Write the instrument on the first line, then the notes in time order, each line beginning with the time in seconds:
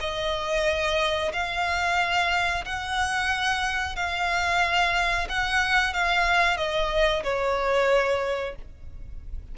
violin
0.00 D#5
1.33 F5
2.65 F#5
3.96 F5
5.29 F#5
5.93 F5
6.57 D#5
7.23 C#5